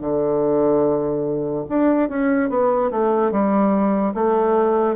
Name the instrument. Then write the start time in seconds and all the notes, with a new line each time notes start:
bassoon
0.00 D3
1.68 D4
2.09 C#4
2.49 B3
2.91 A3
3.31 G3
4.14 A3